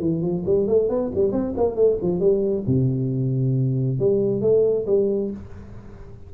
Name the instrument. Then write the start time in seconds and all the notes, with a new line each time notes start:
tuba
0.00 E3
0.22 F3
0.46 G3
0.68 A3
0.90 B3
1.15 G3
1.32 C4
1.57 A#3
1.76 A3
2.02 F3
2.21 G3
2.67 C3
3.99 G3
4.42 A3
4.87 G3